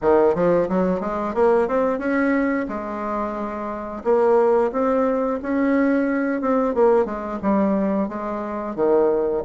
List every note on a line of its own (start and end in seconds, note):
0.01 0.34 D#3
0.34 0.68 F3
0.68 1.00 F#3
1.00 1.34 G#3
1.34 1.67 A#3
1.67 1.99 C4
1.99 2.66 C#4
2.68 4.03 G#3
4.04 4.71 A#3
4.72 5.39 C4
5.42 6.41 C#4
6.41 6.74 C4
6.74 7.04 A#3
7.04 7.38 G#3
7.42 8.08 G3
8.08 8.75 G#3
8.75 9.43 D#3